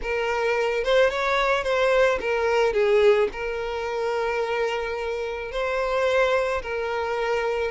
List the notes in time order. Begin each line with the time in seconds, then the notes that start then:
0.02 A#4
0.84 C5
1.10 C#5
1.63 C5
2.20 A#4
2.73 G#4
3.32 A#4
5.51 C5
6.62 A#4